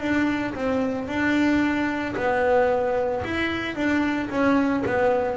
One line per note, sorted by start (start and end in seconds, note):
0.00 0.54 D4
0.54 1.08 C4
1.08 2.15 D4
2.16 3.23 B3
3.24 3.75 E4
3.75 4.29 D4
4.30 4.83 C#4
4.86 5.37 B3